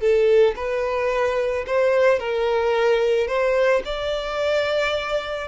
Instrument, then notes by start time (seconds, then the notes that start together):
violin
0.00 A4
0.56 B4
1.67 C5
2.19 A#4
3.28 C5
3.85 D5